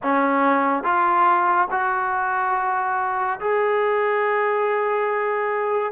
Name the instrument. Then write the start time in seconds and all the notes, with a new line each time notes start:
trombone
0.02 C#4
0.83 F4
1.70 F#4
3.40 G#4